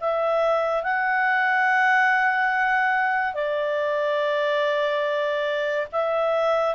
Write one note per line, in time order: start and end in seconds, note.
0.00 0.83 E5
0.83 3.34 F#5
3.34 5.87 D5
5.92 6.75 E5